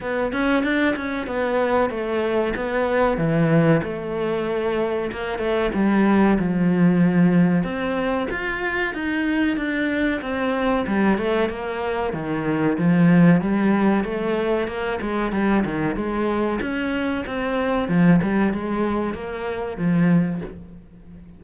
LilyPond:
\new Staff \with { instrumentName = "cello" } { \time 4/4 \tempo 4 = 94 b8 cis'8 d'8 cis'8 b4 a4 | b4 e4 a2 | ais8 a8 g4 f2 | c'4 f'4 dis'4 d'4 |
c'4 g8 a8 ais4 dis4 | f4 g4 a4 ais8 gis8 | g8 dis8 gis4 cis'4 c'4 | f8 g8 gis4 ais4 f4 | }